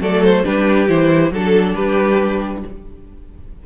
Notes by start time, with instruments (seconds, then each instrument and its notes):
0.00 cello F#3, viola A3, violin A4 D5
0.24 violin C5
0.44 cello G3, viola D4, violin G4 B4
0.87 cello E3, viola E4, violin C5
1.31 cello F#3, viola D4, violin A4
1.75 cello G3, violin G4 B4